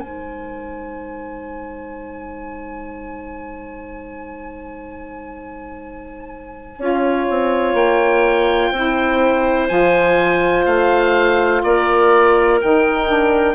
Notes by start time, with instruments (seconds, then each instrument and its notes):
0.00 bassoon G#3, saxophone D#4, clarinet C5, oboe G#5
6.78 bassoon C#4, saxophone F4, clarinet C#5
7.30 bassoon C4
7.74 bassoon A#3, oboe G5
8.72 bassoon C4, saxophone E4, clarinet C5
9.69 bassoon F3, saxophone F4, oboe G#5
10.66 bassoon A3, oboe F5
11.64 bassoon A#3, clarinet A#4, oboe D5
12.61 bassoon D#3, saxophone D#4, oboe G5
13.09 saxophone D4